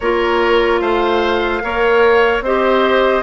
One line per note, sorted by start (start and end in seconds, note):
0.00 0.80 A#3
0.00 1.62 F4
0.00 0.81 A#4
0.00 0.79 C#5
0.79 1.61 A3
0.79 1.62 C5
0.79 2.41 F5
1.62 2.41 A#3
1.62 2.43 A#4
1.62 2.44 C#5
2.41 3.22 C4
2.41 3.22 G4
2.41 3.22 C5
2.41 3.22 D#5